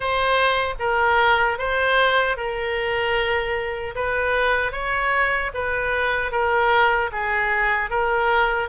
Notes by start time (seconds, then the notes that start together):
0.00 C5
0.79 A#4
1.58 C5
2.36 A#4
3.95 B4
4.72 C#5
5.53 B4
6.31 A#4
7.12 G#4
7.89 A#4